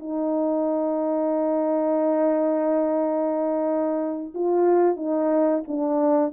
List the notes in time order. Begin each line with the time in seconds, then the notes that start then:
0.00 D#4
4.35 F4
4.97 D#4
5.68 D4